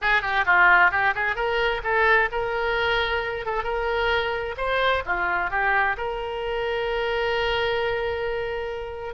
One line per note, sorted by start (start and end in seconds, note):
0.01 0.21 G#4
0.21 0.44 G4
0.45 0.91 F4
0.91 1.14 G4
1.15 1.35 G#4
1.35 1.81 A#4
1.83 2.29 A4
2.31 3.45 A#4
3.45 3.63 A4
3.63 4.55 A#4
4.57 5.03 C5
5.05 5.50 F4
5.50 5.96 G4
5.97 9.14 A#4